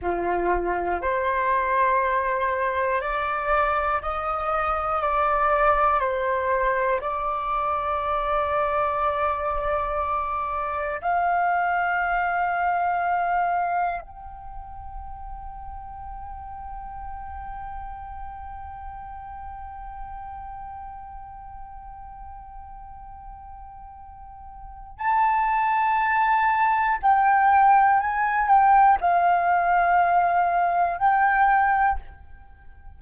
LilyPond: \new Staff \with { instrumentName = "flute" } { \time 4/4 \tempo 4 = 60 f'4 c''2 d''4 | dis''4 d''4 c''4 d''4~ | d''2. f''4~ | f''2 g''2~ |
g''1~ | g''1~ | g''4 a''2 g''4 | gis''8 g''8 f''2 g''4 | }